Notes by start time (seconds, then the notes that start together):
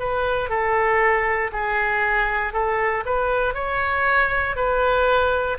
0.00 B4
0.50 A4
1.53 G#4
2.53 A4
3.06 B4
3.55 C#5
4.56 B4